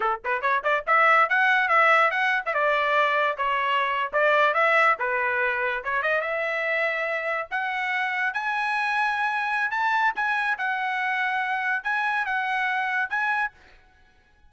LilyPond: \new Staff \with { instrumentName = "trumpet" } { \time 4/4 \tempo 4 = 142 a'8 b'8 cis''8 d''8 e''4 fis''4 | e''4 fis''8. e''16 d''2 | cis''4.~ cis''16 d''4 e''4 b'16~ | b'4.~ b'16 cis''8 dis''8 e''4~ e''16~ |
e''4.~ e''16 fis''2 gis''16~ | gis''2. a''4 | gis''4 fis''2. | gis''4 fis''2 gis''4 | }